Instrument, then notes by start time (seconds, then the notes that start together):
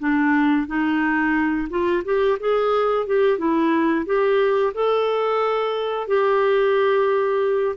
clarinet
0.00 D4
0.67 D#4
1.70 F4
2.05 G4
2.40 G#4
3.07 G4
3.39 E4
4.06 G4
4.75 A4
6.08 G4